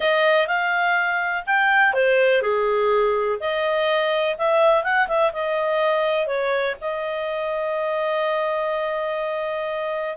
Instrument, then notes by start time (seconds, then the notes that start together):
clarinet
0.00 D#5
0.47 F5
1.46 G5
1.93 C5
2.41 G#4
3.39 D#5
4.37 E5
4.83 F#5
5.07 E5
5.32 D#5
6.26 C#5
6.80 D#5